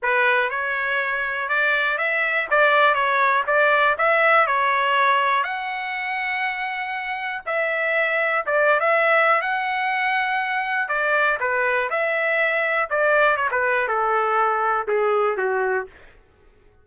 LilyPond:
\new Staff \with { instrumentName = "trumpet" } { \time 4/4 \tempo 4 = 121 b'4 cis''2 d''4 | e''4 d''4 cis''4 d''4 | e''4 cis''2 fis''4~ | fis''2. e''4~ |
e''4 d''8. e''4~ e''16 fis''4~ | fis''2 d''4 b'4 | e''2 d''4 cis''16 b'8. | a'2 gis'4 fis'4 | }